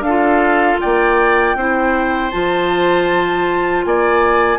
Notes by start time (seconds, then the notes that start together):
0.00 D4 A4 F5
0.08 F4
0.80 A#3 D5 G5
1.55 C4 E4 C5
2.31 F3 F4 A5
3.85 A#3 D5 G#5